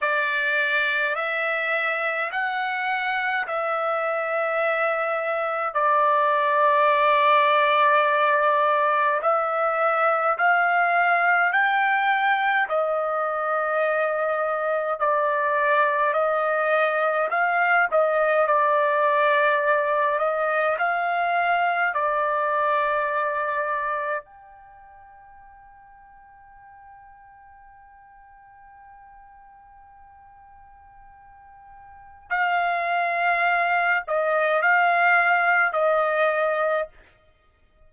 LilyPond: \new Staff \with { instrumentName = "trumpet" } { \time 4/4 \tempo 4 = 52 d''4 e''4 fis''4 e''4~ | e''4 d''2. | e''4 f''4 g''4 dis''4~ | dis''4 d''4 dis''4 f''8 dis''8 |
d''4. dis''8 f''4 d''4~ | d''4 g''2.~ | g''1 | f''4. dis''8 f''4 dis''4 | }